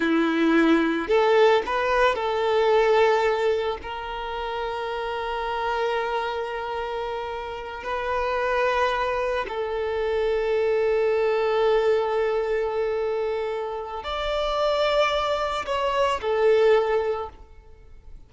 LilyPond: \new Staff \with { instrumentName = "violin" } { \time 4/4 \tempo 4 = 111 e'2 a'4 b'4 | a'2. ais'4~ | ais'1~ | ais'2~ ais'8 b'4.~ |
b'4. a'2~ a'8~ | a'1~ | a'2 d''2~ | d''4 cis''4 a'2 | }